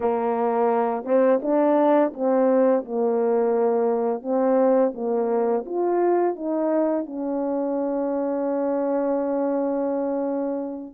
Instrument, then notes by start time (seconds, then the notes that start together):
horn
0.00 A#3
1.04 C4
1.41 D4
2.13 C4
2.84 A#3
4.22 C4
4.94 A#3
5.65 F4
6.35 D#4
7.06 C#4